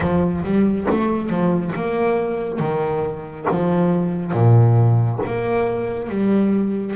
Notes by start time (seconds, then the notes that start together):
0.00 F3
0.43 G3
0.90 A3
1.29 F3
1.75 A#3
2.59 D#3
3.50 F3
4.32 A#2
5.25 A#3
6.09 G3